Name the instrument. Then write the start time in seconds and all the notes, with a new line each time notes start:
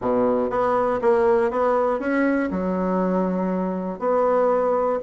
bassoon
0.01 B2
0.50 B3
1.01 A#3
1.50 B3
1.99 C#4
2.50 F#3
3.99 B3